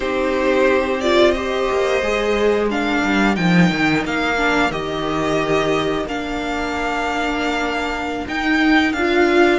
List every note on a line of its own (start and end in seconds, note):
0.00 1.68 C4
0.00 1.01 D#4
0.00 1.33 G4
0.00 1.00 C5
1.00 1.35 F4
1.00 1.31 D5
1.31 2.02 G4
1.31 2.69 C5
1.31 2.66 D#5
1.71 2.01 A#3
2.01 3.02 G#3
2.01 2.70 G#4
2.69 3.35 D4
2.69 9.59 A#4
2.69 3.35 F5
3.03 3.37 G3
3.35 3.70 F3
3.35 4.36 D#4
3.35 4.03 G5
3.71 4.04 D#3
4.04 4.70 A#3
4.04 4.71 F5
4.36 4.70 D4
4.70 6.05 D#3
4.70 6.06 G4
4.70 6.05 D#5
6.05 8.24 A#3
6.05 8.27 D4
6.05 8.27 F5
8.27 8.93 D#4
8.27 8.95 D#4
8.27 8.92 G5
8.92 9.59 D4
8.92 9.59 F4
8.92 9.59 F5